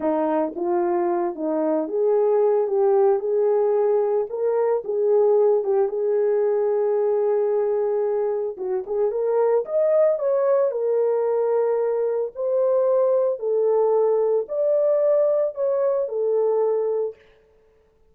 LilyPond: \new Staff \with { instrumentName = "horn" } { \time 4/4 \tempo 4 = 112 dis'4 f'4. dis'4 gis'8~ | gis'4 g'4 gis'2 | ais'4 gis'4. g'8 gis'4~ | gis'1 |
fis'8 gis'8 ais'4 dis''4 cis''4 | ais'2. c''4~ | c''4 a'2 d''4~ | d''4 cis''4 a'2 | }